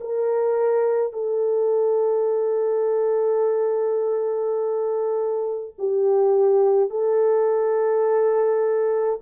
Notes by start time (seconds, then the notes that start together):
0.00 A#4
1.12 A4
5.78 G4
6.90 A4